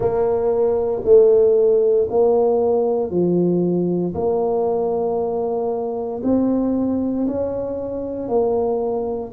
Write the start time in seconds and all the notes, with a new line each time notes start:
0.00 A#3
1.04 A3
2.10 A#3
3.10 F3
4.14 A#3
6.23 C4
7.27 C#4
8.28 A#3